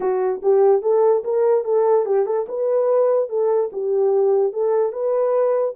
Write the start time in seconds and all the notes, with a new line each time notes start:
0.00 F#4
0.42 G4
0.82 A4
1.23 A#4
1.64 A4
2.05 G4
2.25 A4
2.48 B4
3.29 A4
3.72 G4
4.52 A4
4.92 B4